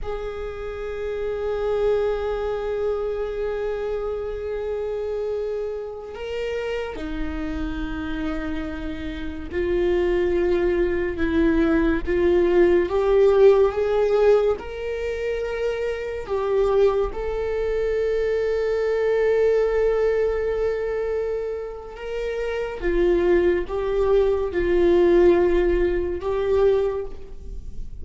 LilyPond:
\new Staff \with { instrumentName = "viola" } { \time 4/4 \tempo 4 = 71 gis'1~ | gis'2.~ gis'16 ais'8.~ | ais'16 dis'2. f'8.~ | f'4~ f'16 e'4 f'4 g'8.~ |
g'16 gis'4 ais'2 g'8.~ | g'16 a'2.~ a'8.~ | a'2 ais'4 f'4 | g'4 f'2 g'4 | }